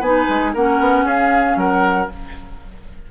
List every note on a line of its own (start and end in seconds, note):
0.00 0.26 B3
0.00 0.56 D#4
0.00 0.52 B4
0.00 0.54 G#5
0.29 0.55 G#3
0.54 0.80 A#3
0.54 2.11 C#4
0.54 1.05 A#4
0.54 1.08 F#5
0.80 1.04 B3
1.04 1.55 C#4
1.04 1.57 G#4
1.04 1.58 F5
1.56 2.08 F#3
1.56 2.11 A#4
1.56 2.10 F#5